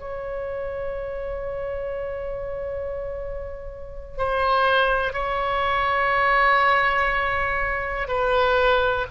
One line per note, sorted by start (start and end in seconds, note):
0.00 4.18 C#5
4.18 5.13 C5
5.13 8.08 C#5
8.08 9.07 B4